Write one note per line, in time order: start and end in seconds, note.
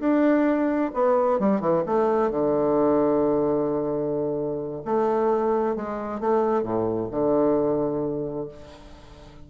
0.00 0.92 D4
0.94 1.40 B3
1.40 1.61 G3
1.61 1.84 E3
1.87 2.31 A3
2.31 4.83 D3
4.85 5.76 A3
5.76 6.21 G#3
6.21 6.63 A3
6.63 7.09 A2
7.11 8.49 D3